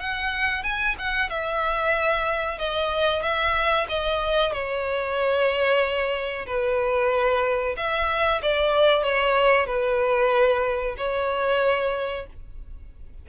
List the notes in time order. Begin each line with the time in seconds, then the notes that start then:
0.00 F#5
0.64 G#5
0.99 F#5
1.30 E5
2.59 D#5
3.23 E5
3.89 D#5
4.53 C#5
6.47 B4
7.77 E5
8.42 D5
9.04 C#5
9.67 B4
10.98 C#5